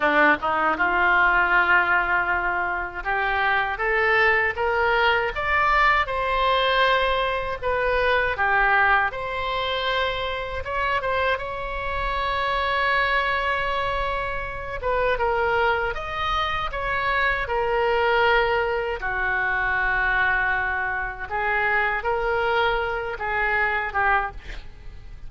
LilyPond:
\new Staff \with { instrumentName = "oboe" } { \time 4/4 \tempo 4 = 79 d'8 dis'8 f'2. | g'4 a'4 ais'4 d''4 | c''2 b'4 g'4 | c''2 cis''8 c''8 cis''4~ |
cis''2.~ cis''8 b'8 | ais'4 dis''4 cis''4 ais'4~ | ais'4 fis'2. | gis'4 ais'4. gis'4 g'8 | }